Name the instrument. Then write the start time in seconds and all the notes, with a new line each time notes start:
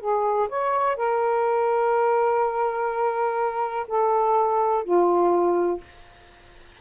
saxophone
0.00 G#4
0.49 C#5
0.96 A#4
3.88 A4
4.84 F4